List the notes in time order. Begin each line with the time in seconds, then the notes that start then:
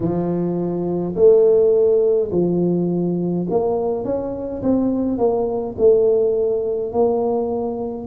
0.00 F3
1.15 A3
2.31 F3
3.49 A#3
4.04 C#4
4.62 C4
5.18 A#3
5.77 A3
6.92 A#3